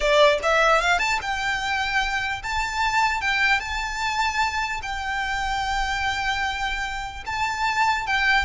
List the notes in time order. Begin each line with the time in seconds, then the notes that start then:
0.00 D5
0.42 E5
0.81 F5
0.98 A5
1.21 G5
2.42 A5
3.21 G5
3.60 A5
4.82 G5
7.26 A5
8.06 G5